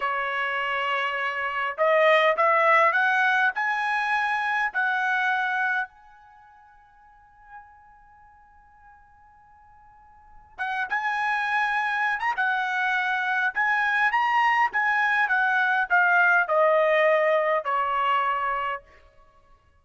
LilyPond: \new Staff \with { instrumentName = "trumpet" } { \time 4/4 \tempo 4 = 102 cis''2. dis''4 | e''4 fis''4 gis''2 | fis''2 gis''2~ | gis''1~ |
gis''2 fis''8 gis''4.~ | gis''8. ais''16 fis''2 gis''4 | ais''4 gis''4 fis''4 f''4 | dis''2 cis''2 | }